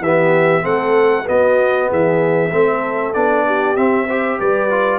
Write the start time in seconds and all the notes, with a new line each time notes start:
0.00 E3 B3 G4 E5
0.62 A3 C4 A4 F#5
1.25 B3 F#4 D#5
1.89 E3 G#4 E5
2.51 A3 C4 A4
3.14 B3 D4 D5
3.46 G4
3.77 C4 E5
4.07 G4 C5
4.40 G3 B4 D5
4.71 F4